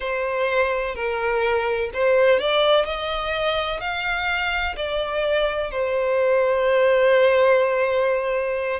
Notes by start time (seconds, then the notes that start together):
0.00 C5
0.95 A#4
1.93 C5
2.39 D5
2.85 D#5
3.80 F5
4.76 D5
5.71 C5